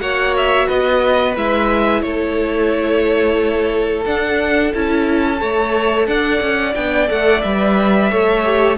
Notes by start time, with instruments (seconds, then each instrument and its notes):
0.00 cello A#3, viola F#4, violin C#5 F#5
0.37 violin E5
0.68 cello B3, violin B4 D#5
1.35 cello G#3, viola E4, violin E5
2.03 cello A3, violin A4 C#5
4.06 cello D4, viola D4, violin F#5
4.75 cello C#4, viola E4, violin A5
5.38 cello A3, viola A4, violin C#5
6.07 cello D4, violin D5 F#5
6.41 cello C#4
6.75 cello B3, viola D4, violin G5
7.08 cello A3, viola A4, violin F#5
7.42 cello G3, viola B4, violin E5
8.11 cello A3, viola A4, violin C#5
8.44 viola G4